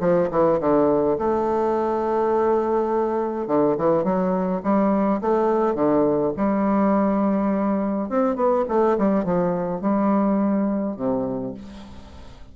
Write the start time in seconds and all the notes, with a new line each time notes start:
0.00 F3
0.30 E3
0.60 D3
1.18 A3
3.47 D3
3.77 E3
4.04 F#3
4.63 G3
5.21 A3
5.74 D3
6.36 G3
8.09 C4
8.35 B3
8.68 A3
8.97 G3
9.24 F3
9.81 G3
10.96 C3